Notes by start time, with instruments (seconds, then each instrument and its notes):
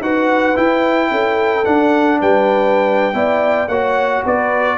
0.00 tuba D#4, trombone F#4, horn B4, trumpet F#5
0.55 trombone E4, tuba E4, trumpet G5
1.10 tuba C#4, horn A4
1.64 trombone D4, tuba D4, trumpet F#5
2.20 tuba G3, horn B4, trumpet G5
3.13 tuba B3, trombone E4, horn D5
3.68 tuba A#3, trombone F#4, horn C#5, trumpet F#5
4.25 tuba B3, horn B4, trumpet D5